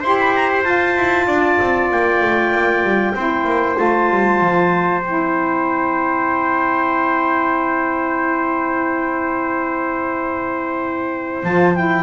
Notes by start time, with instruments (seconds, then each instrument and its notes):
0.00 double bass E4, saxophone G4, trumpet C5, clarinet C6
0.19 clarinet B5
0.35 clarinet A#5
0.52 clarinet C6
0.64 saxophone F4, double bass F4, clarinet A5
0.96 double bass E4
1.27 double bass D4, trumpet D5
1.61 double bass C4
1.91 double bass A#3, clarinet G5
2.21 double bass A3
2.52 double bass A#3
2.83 double bass G3
3.15 double bass C4, saxophone E4, trumpet C5
3.45 double bass A#3
3.76 double bass A3, saxophone F4, clarinet A5
4.10 double bass G3
4.40 double bass F3
5.02 double bass C4, saxophone E4, clarinet G5
11.44 double bass F3, saxophone F4, clarinet A5
11.75 saxophone E4, clarinet G5